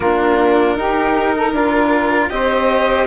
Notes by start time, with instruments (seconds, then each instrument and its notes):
0.00 bassoon A#3, cello D4, saxophone F4, violin A#4
0.74 bassoon D#4, cello D#4, saxophone G4
1.36 saxophone A4
1.51 bassoon D4, cello F4, saxophone A#4
2.29 bassoon C4, cello G4, saxophone C5, violin D#5